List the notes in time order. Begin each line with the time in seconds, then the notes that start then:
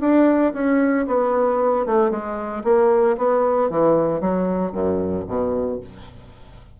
0.00 D4
0.53 C#4
1.07 B3
1.85 A3
2.10 G#3
2.63 A#3
3.17 B3
3.69 E3
4.20 F#3
4.72 F#2
5.27 B2